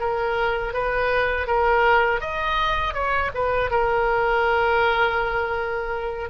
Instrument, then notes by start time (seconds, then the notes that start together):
oboe
0.00 A#4
0.73 B4
1.47 A#4
2.21 D#5
2.94 C#5
3.34 B4
3.71 A#4